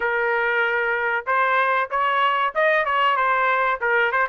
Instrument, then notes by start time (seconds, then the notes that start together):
trumpet
0.00 A#4
1.26 C5
1.90 C#5
2.54 D#5
2.85 C#5
3.16 C5
3.81 A#4
4.11 C5